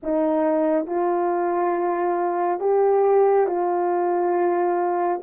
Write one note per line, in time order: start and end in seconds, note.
0.02 0.86 D#4
0.86 2.60 F4
2.60 3.46 G4
3.46 5.20 F4